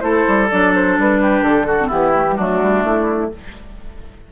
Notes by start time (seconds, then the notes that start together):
0.00 A3 E4 A4 C5
0.27 G3
0.50 F#3 D4 D5
0.74 C5
0.98 G3 B4
1.21 G4
1.41 D3 A4
1.66 F#4
1.80 C4
1.87 E3 B3 E4 G4
2.13 A3
2.30 G3
2.36 F#3 A3 D4 F#4
2.62 G3
2.83 A3 E4